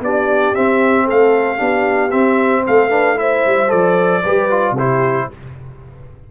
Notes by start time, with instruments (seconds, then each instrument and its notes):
0.00 tuba B3, trombone D4, horn G4, trumpet D5
0.54 trombone C4, tuba C4, trumpet E5
1.05 tuba A3, horn A4, trumpet F5
1.57 tuba B3, trombone D4, horn G4
2.11 trombone C4, tuba C4, trumpet E5
2.67 tuba A3, horn A4, trumpet F5
2.89 trombone D4, horn B4
3.15 trombone E4, horn C5, trumpet E5
3.46 tuba G3
3.68 tuba F3, trombone A4, trumpet D5
4.24 tuba G3, trombone G4, horn B4
4.50 trombone F4
4.71 tuba C3, horn G4
4.78 trombone E4, trumpet C5